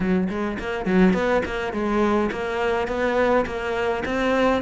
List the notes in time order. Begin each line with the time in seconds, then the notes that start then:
0.00 F#3
0.29 G#3
0.59 A#3
0.85 F#3
1.13 B3
1.45 A#3
1.72 G#3
2.31 A#3
2.87 B3
3.45 A#3
4.05 C4